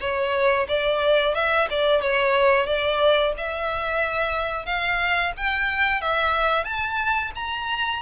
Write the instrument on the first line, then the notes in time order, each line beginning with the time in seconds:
violin
0.00 C#5
0.68 D5
1.35 E5
1.70 D5
2.02 C#5
2.66 D5
3.37 E5
4.66 F5
5.36 G5
6.01 E5
6.64 A5
7.35 A#5